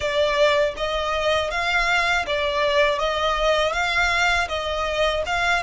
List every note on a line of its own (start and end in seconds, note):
0.00 0.74 D5
0.76 1.50 D#5
1.50 2.25 F5
2.26 2.99 D5
2.99 3.73 D#5
3.73 4.48 F5
4.48 5.23 D#5
5.25 5.62 F5